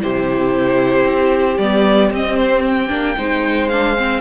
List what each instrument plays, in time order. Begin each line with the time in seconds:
0.00 cello C3, viola E4, violin G4 C5
1.04 cello C4
1.57 cello G3, viola B3, violin D5
2.10 cello C4, viola C4, violin D#5
2.36 violin C5
2.66 violin G5
2.88 cello A#3, viola D4
3.17 cello G#3, viola D#4, violin C5
3.68 viola D4, violin F5
3.97 viola C4